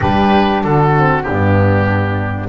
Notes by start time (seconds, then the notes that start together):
0.00 G3 D4 G4 B4
0.63 D3 F#4 A4
0.96 C4
1.22 G2 B3 D4 G4